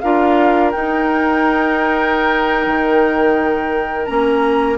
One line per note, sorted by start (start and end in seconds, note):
0.00 0.74 D4
0.00 0.73 F4
0.00 4.78 A#4
0.00 0.71 F5
0.71 4.07 D#4
0.71 2.66 D#4
0.71 4.05 G5
2.66 4.07 D#3
4.05 4.78 A#3
4.05 4.77 C#4
4.05 4.76 A#5